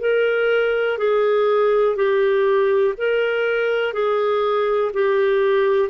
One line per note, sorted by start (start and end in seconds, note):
0.00 0.98 A#4
0.98 1.96 G#4
1.96 2.94 G4
2.98 3.93 A#4
3.93 4.91 G#4
4.93 5.89 G4